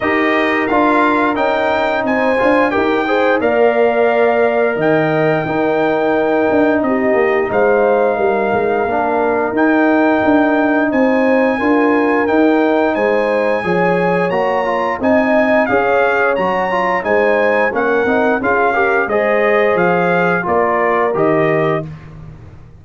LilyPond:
<<
  \new Staff \with { instrumentName = "trumpet" } { \time 4/4 \tempo 4 = 88 dis''4 f''4 g''4 gis''4 | g''4 f''2 g''4~ | g''2 dis''4 f''4~ | f''2 g''2 |
gis''2 g''4 gis''4~ | gis''4 ais''4 gis''4 f''4 | ais''4 gis''4 fis''4 f''4 | dis''4 f''4 d''4 dis''4 | }
  \new Staff \with { instrumentName = "horn" } { \time 4/4 ais'2. c''4 | ais'8 c''8 d''2 dis''4 | ais'2 g'4 c''4 | ais'1 |
c''4 ais'2 c''4 | cis''2 dis''4 cis''4~ | cis''4 c''4 ais'4 gis'8 ais'8 | c''2 ais'2 | }
  \new Staff \with { instrumentName = "trombone" } { \time 4/4 g'4 f'4 dis'4. f'8 | g'8 gis'8 ais'2. | dis'1~ | dis'4 d'4 dis'2~ |
dis'4 f'4 dis'2 | gis'4 fis'8 f'8 dis'4 gis'4 | fis'8 f'8 dis'4 cis'8 dis'8 f'8 g'8 | gis'2 f'4 g'4 | }
  \new Staff \with { instrumentName = "tuba" } { \time 4/4 dis'4 d'4 cis'4 c'8 d'8 | dis'4 ais2 dis4 | dis'4. d'8 c'8 ais8 gis4 | g8 gis8 ais4 dis'4 d'4 |
c'4 d'4 dis'4 gis4 | f4 ais4 c'4 cis'4 | fis4 gis4 ais8 c'8 cis'4 | gis4 f4 ais4 dis4 | }
>>